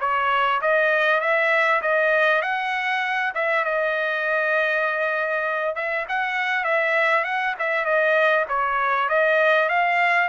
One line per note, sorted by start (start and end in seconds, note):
0.00 0.61 C#5
0.61 1.20 D#5
1.20 1.81 E5
1.82 2.42 D#5
2.42 3.33 F#5
3.34 3.64 E5
3.64 5.75 D#5
5.75 6.06 E5
6.09 6.64 F#5
6.64 7.24 E5
7.24 7.55 F#5
7.59 7.85 E5
7.85 8.45 D#5
8.48 9.09 C#5
9.09 9.69 D#5
9.69 10.28 F5